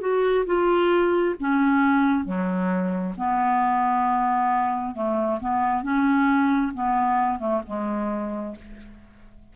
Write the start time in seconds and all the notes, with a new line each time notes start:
0.00 F#4
0.46 F4
1.40 C#4
2.25 F#3
3.18 B3
4.95 A3
5.40 B3
5.82 C#4
6.74 B3
7.39 A3
7.66 G#3